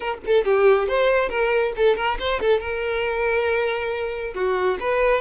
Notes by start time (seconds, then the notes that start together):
0.00 A#4
0.26 A4
0.44 G4
0.88 C5
1.29 A#4
1.76 A4
1.95 A#4
2.19 C5
2.40 A4
2.60 A#4
4.34 F#4
4.79 B4